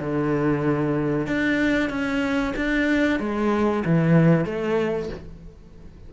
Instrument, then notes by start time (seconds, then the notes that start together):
cello
0.00 D3
1.26 D4
1.89 C#4
2.56 D4
3.19 G#3
3.85 E3
4.45 A3